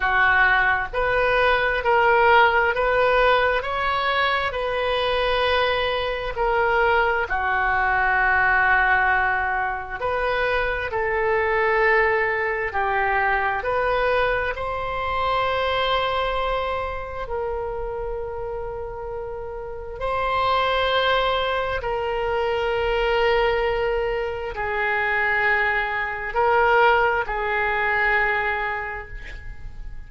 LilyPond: \new Staff \with { instrumentName = "oboe" } { \time 4/4 \tempo 4 = 66 fis'4 b'4 ais'4 b'4 | cis''4 b'2 ais'4 | fis'2. b'4 | a'2 g'4 b'4 |
c''2. ais'4~ | ais'2 c''2 | ais'2. gis'4~ | gis'4 ais'4 gis'2 | }